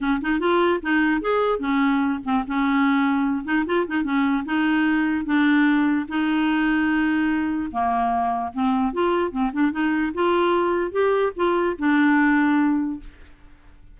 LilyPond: \new Staff \with { instrumentName = "clarinet" } { \time 4/4 \tempo 4 = 148 cis'8 dis'8 f'4 dis'4 gis'4 | cis'4. c'8 cis'2~ | cis'8 dis'8 f'8 dis'8 cis'4 dis'4~ | dis'4 d'2 dis'4~ |
dis'2. ais4~ | ais4 c'4 f'4 c'8 d'8 | dis'4 f'2 g'4 | f'4 d'2. | }